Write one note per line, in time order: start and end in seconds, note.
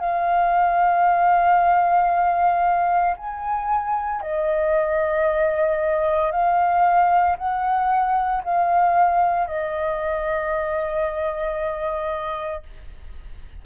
0.00 3.16 F5
3.17 4.22 G#5
4.22 6.32 D#5
6.32 7.37 F5
7.38 8.43 F#5
8.44 9.47 F5
9.47 12.63 D#5